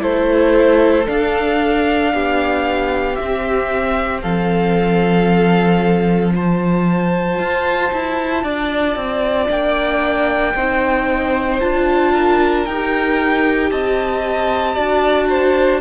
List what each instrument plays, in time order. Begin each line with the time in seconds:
0.00 cello A3, viola E4, violin A4 C5
1.06 viola D4, cello D4, violin F5
2.14 cello B3, violin G4
3.16 viola C4, cello C4, violin E5
4.22 cello F3, violin A4 F5
6.34 viola F4, violin C5 A5
7.39 cello F4
7.92 cello E4
8.44 cello D4, violin D5
8.96 cello C4
9.47 cello A#3, viola D4, violin G5
10.55 cello C4, viola D#4, violin C5
11.61 cello D4, viola F4, violin A5
12.12 violin A#4
12.66 cello D#4, viola G4, violin G5
13.71 cello C4, violin D#5 A5
14.75 cello D4, viola F#4, violin D5
15.29 violin C5